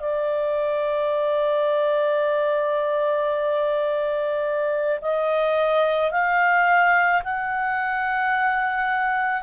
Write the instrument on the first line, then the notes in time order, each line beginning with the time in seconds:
clarinet
0.00 D5
5.02 D#5
6.12 F5
7.24 F#5